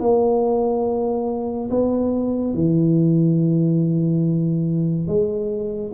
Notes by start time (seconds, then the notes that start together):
0.00 A#3
1.70 B3
2.54 E3
5.07 G#3